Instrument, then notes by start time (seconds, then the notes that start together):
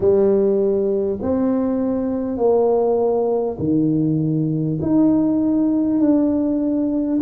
tuba
0.00 G3
1.21 C4
2.37 A#3
3.58 D#3
4.81 D#4
6.00 D4